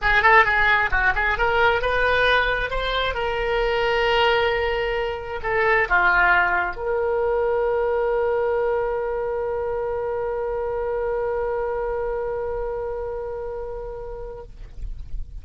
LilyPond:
\new Staff \with { instrumentName = "oboe" } { \time 4/4 \tempo 4 = 133 gis'8 a'8 gis'4 fis'8 gis'8 ais'4 | b'2 c''4 ais'4~ | ais'1 | a'4 f'2 ais'4~ |
ais'1~ | ais'1~ | ais'1~ | ais'1 | }